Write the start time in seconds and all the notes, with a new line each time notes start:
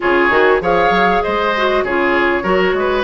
0.00 C#3 F4 G#4 C#5
0.30 D#3 F#4
0.60 F3 G#4 C#5 F5
0.90 F#3
1.22 G#3 C5 D#5
1.56 F#4
1.83 C#3 F4 G#4 C#5
2.42 F#3 F#4 A#4
2.73 G#3 B4